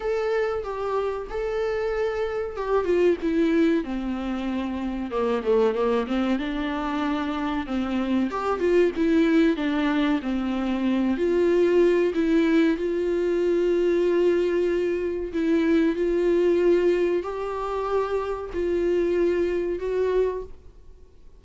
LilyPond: \new Staff \with { instrumentName = "viola" } { \time 4/4 \tempo 4 = 94 a'4 g'4 a'2 | g'8 f'8 e'4 c'2 | ais8 a8 ais8 c'8 d'2 | c'4 g'8 f'8 e'4 d'4 |
c'4. f'4. e'4 | f'1 | e'4 f'2 g'4~ | g'4 f'2 fis'4 | }